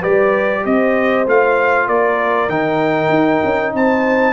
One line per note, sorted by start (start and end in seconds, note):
0.00 0.66 G3
0.00 1.26 G4
0.00 0.62 B4
0.00 0.65 D5
0.66 1.27 C4
0.66 1.89 C5
0.66 1.27 D#5
1.27 1.88 A3
1.27 2.50 F4
1.27 1.89 F5
1.88 2.49 A#3
1.88 3.74 A#4
1.88 2.50 D5
2.49 3.10 D#3
2.49 4.34 D#4
2.49 3.74 G5
3.10 3.40 D#4
3.44 3.74 C#4
3.74 4.34 C4
3.74 4.34 C5
3.74 4.34 A5